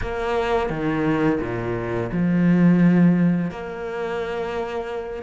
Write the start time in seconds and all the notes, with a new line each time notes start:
0.01 A#3
0.69 D#3
1.40 A#2
2.12 F3
3.50 A#3